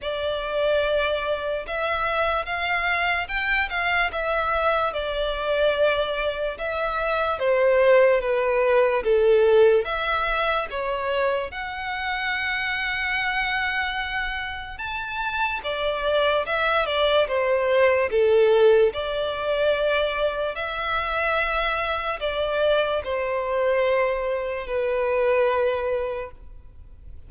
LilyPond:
\new Staff \with { instrumentName = "violin" } { \time 4/4 \tempo 4 = 73 d''2 e''4 f''4 | g''8 f''8 e''4 d''2 | e''4 c''4 b'4 a'4 | e''4 cis''4 fis''2~ |
fis''2 a''4 d''4 | e''8 d''8 c''4 a'4 d''4~ | d''4 e''2 d''4 | c''2 b'2 | }